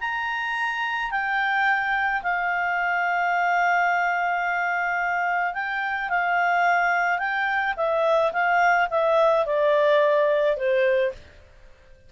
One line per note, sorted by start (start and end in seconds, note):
0.00 1.11 A#5
1.11 2.22 G5
2.22 5.53 F5
5.53 6.09 G5
6.09 7.18 F5
7.18 7.74 G5
7.76 8.32 E5
8.32 8.88 F5
8.90 9.45 E5
9.45 10.56 D5
10.56 11.12 C5